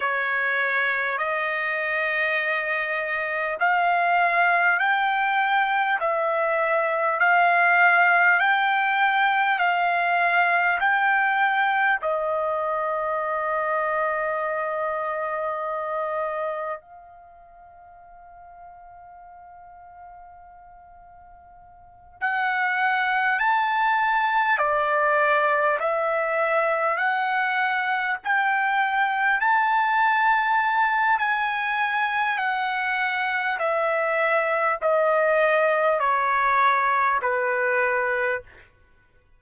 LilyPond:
\new Staff \with { instrumentName = "trumpet" } { \time 4/4 \tempo 4 = 50 cis''4 dis''2 f''4 | g''4 e''4 f''4 g''4 | f''4 g''4 dis''2~ | dis''2 f''2~ |
f''2~ f''8 fis''4 a''8~ | a''8 d''4 e''4 fis''4 g''8~ | g''8 a''4. gis''4 fis''4 | e''4 dis''4 cis''4 b'4 | }